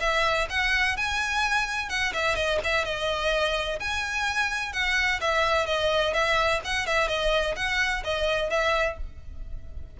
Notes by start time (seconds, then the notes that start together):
0.00 E5
0.49 F#5
0.97 G#5
1.89 F#5
2.13 E5
2.35 D#5
2.64 E5
2.85 D#5
3.80 G#5
4.73 F#5
5.21 E5
5.66 D#5
6.13 E5
6.64 F#5
6.86 E5
7.08 D#5
7.56 F#5
8.04 D#5
8.50 E5